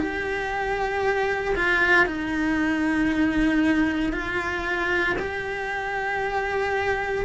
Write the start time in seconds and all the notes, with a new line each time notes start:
0.00 G4
1.56 F4
2.06 D#4
4.13 F4
5.19 G4